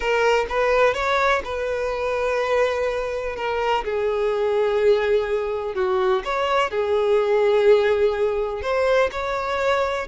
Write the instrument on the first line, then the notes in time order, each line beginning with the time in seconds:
violin
0.00 A#4
0.49 B4
0.94 C#5
1.44 B4
3.36 A#4
3.84 G#4
5.74 F#4
6.24 C#5
6.70 G#4
8.62 C5
9.11 C#5